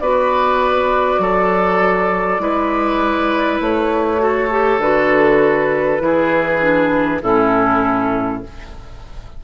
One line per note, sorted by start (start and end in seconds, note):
0.00 1.19 B3
0.00 2.39 F#4
0.00 1.22 B4
0.00 3.60 D5
1.19 2.39 F#3
1.19 2.42 A4
2.39 3.59 G#3
2.39 4.19 E4
2.39 4.22 B4
3.61 4.78 A3
3.61 4.81 C#5
4.19 4.49 F#4
4.19 6.02 A4
4.50 4.80 G4
4.78 5.98 D3
4.78 6.00 F#4
4.78 7.21 B4
6.00 7.21 E3
6.00 6.59 E4
6.00 7.22 G#4
6.61 7.21 D4
7.22 8.42 A2
7.22 8.44 C#4
7.22 8.42 E4
7.22 8.43 A4